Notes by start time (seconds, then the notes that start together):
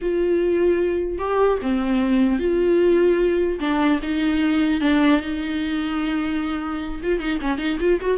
0.01 F4
1.18 G4
1.61 C4
2.39 F4
3.59 D4
4.02 D#4
4.80 D4
5.20 D#4
7.02 F4
7.19 D#4
7.41 C#4
7.57 D#4
7.79 F4
8.01 F#4